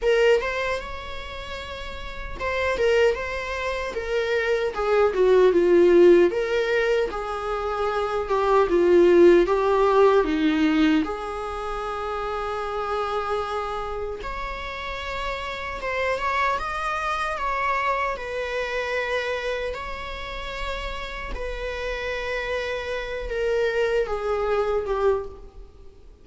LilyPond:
\new Staff \with { instrumentName = "viola" } { \time 4/4 \tempo 4 = 76 ais'8 c''8 cis''2 c''8 ais'8 | c''4 ais'4 gis'8 fis'8 f'4 | ais'4 gis'4. g'8 f'4 | g'4 dis'4 gis'2~ |
gis'2 cis''2 | c''8 cis''8 dis''4 cis''4 b'4~ | b'4 cis''2 b'4~ | b'4. ais'4 gis'4 g'8 | }